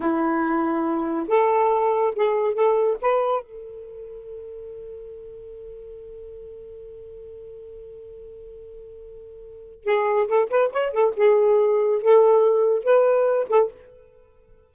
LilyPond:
\new Staff \with { instrumentName = "saxophone" } { \time 4/4 \tempo 4 = 140 e'2. a'4~ | a'4 gis'4 a'4 b'4 | a'1~ | a'1~ |
a'1~ | a'2. gis'4 | a'8 b'8 cis''8 a'8 gis'2 | a'2 b'4. a'8 | }